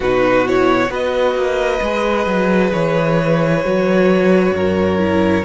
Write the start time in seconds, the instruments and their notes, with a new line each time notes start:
0.00 cello B2, viola D#4, violin F#4 B4
0.46 viola E4, violin C#5
0.88 cello B3, viola F#4, violin B4 D#5
1.35 cello A#3
1.81 cello G#3, viola G#4
2.26 cello F#3
2.73 cello E3, violin C#5
3.64 cello F#3, viola F#4
4.51 cello F#2, violin A#4
4.98 viola E4